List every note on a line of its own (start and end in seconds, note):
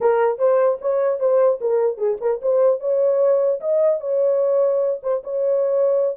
0.01 0.38 A#4
0.38 0.78 C5
0.81 1.19 C#5
1.19 1.59 C5
1.60 1.97 A#4
1.97 2.17 G#4
2.20 2.40 A#4
2.42 2.80 C5
2.80 3.60 C#5
3.60 4.00 D#5
4.00 5.00 C#5
5.02 5.22 C5
5.23 6.16 C#5